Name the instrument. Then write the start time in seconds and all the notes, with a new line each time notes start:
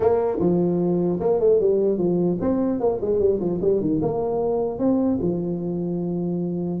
tuba
0.00 A#3
0.39 F3
1.19 A#3
1.40 A3
1.59 G3
1.98 F3
2.40 C4
2.79 A#3
3.01 G#3
3.19 G3
3.40 F3
3.61 G3
3.80 D#3
4.02 A#3
4.79 C4
5.21 F3